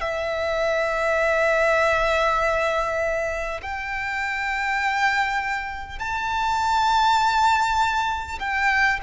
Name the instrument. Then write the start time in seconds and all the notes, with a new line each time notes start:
violin
0.00 E5
3.62 G5
5.98 A5
8.39 G5